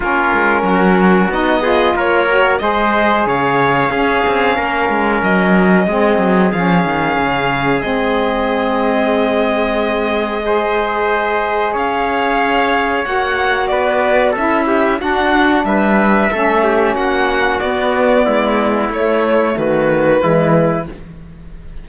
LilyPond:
<<
  \new Staff \with { instrumentName = "violin" } { \time 4/4 \tempo 4 = 92 ais'2 dis''4 cis''4 | dis''4 f''2. | dis''2 f''2 | dis''1~ |
dis''2 f''2 | fis''4 d''4 e''4 fis''4 | e''2 fis''4 d''4~ | d''4 cis''4 b'2 | }
  \new Staff \with { instrumentName = "trumpet" } { \time 4/4 f'4 fis'4. gis'8 ais'4 | c''4 cis''4 gis'4 ais'4~ | ais'4 gis'2.~ | gis'1 |
c''2 cis''2~ | cis''4 b'4 a'8 g'8 fis'4 | b'4 a'8 g'8 fis'2 | e'2 fis'4 e'4 | }
  \new Staff \with { instrumentName = "saxophone" } { \time 4/4 cis'2 dis'8 f'4 fis'8 | gis'2 cis'2~ | cis'4 c'4 cis'2 | c'1 |
gis'1 | fis'2 e'4 d'4~ | d'4 cis'2 b4~ | b4 a2 gis4 | }
  \new Staff \with { instrumentName = "cello" } { \time 4/4 ais8 gis8 fis4 b4 ais4 | gis4 cis4 cis'8 c'8 ais8 gis8 | fis4 gis8 fis8 f8 dis8 cis4 | gis1~ |
gis2 cis'2 | ais4 b4 cis'4 d'4 | g4 a4 ais4 b4 | gis4 a4 dis4 e4 | }
>>